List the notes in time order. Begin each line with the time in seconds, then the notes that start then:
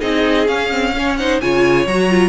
0.00 C4 D#4 G#4 D#5
0.47 C#4 F5
0.72 C4
0.96 C#4 C#5
1.17 D#4 C5 F#5
1.41 C#3 F4 C#5 G#5
1.87 F#3 F#4 A#5
2.10 F4